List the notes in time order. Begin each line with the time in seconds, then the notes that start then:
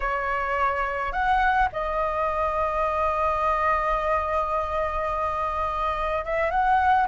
0.00 C#5
1.12 F#5
1.72 D#5
6.24 E5
6.50 F#5